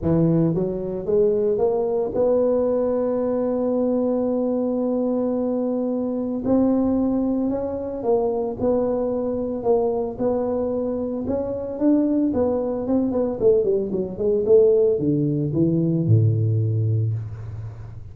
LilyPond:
\new Staff \with { instrumentName = "tuba" } { \time 4/4 \tempo 4 = 112 e4 fis4 gis4 ais4 | b1~ | b1 | c'2 cis'4 ais4 |
b2 ais4 b4~ | b4 cis'4 d'4 b4 | c'8 b8 a8 g8 fis8 gis8 a4 | d4 e4 a,2 | }